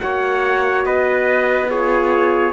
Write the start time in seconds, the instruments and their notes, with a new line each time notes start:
0.00 cello A#3, horn F#4, trumpet C#5 F#5
0.85 cello B3, trumpet B4 D#5
1.70 horn F4, trumpet G#4 C#5